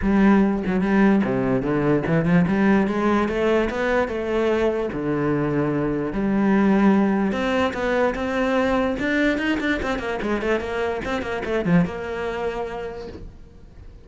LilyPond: \new Staff \with { instrumentName = "cello" } { \time 4/4 \tempo 4 = 147 g4. fis8 g4 c4 | d4 e8 f8 g4 gis4 | a4 b4 a2 | d2. g4~ |
g2 c'4 b4 | c'2 d'4 dis'8 d'8 | c'8 ais8 gis8 a8 ais4 c'8 ais8 | a8 f8 ais2. | }